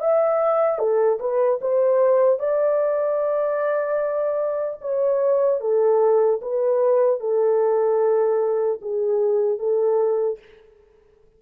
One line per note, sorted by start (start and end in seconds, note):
0.00 0.79 E5
0.79 1.19 A4
1.20 1.60 B4
1.61 2.39 C5
2.39 4.79 D5
4.81 5.60 C#5
5.60 6.40 A4
6.41 7.20 B4
7.20 8.80 A4
8.81 9.59 G#4
9.59 10.39 A4